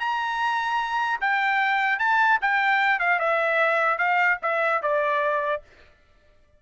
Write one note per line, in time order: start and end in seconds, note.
0.00 1.20 A#5
1.21 1.99 G5
1.99 2.39 A5
2.42 3.00 G5
3.00 3.20 F5
3.20 3.99 E5
3.99 4.39 F5
4.43 4.83 E5
4.83 5.63 D5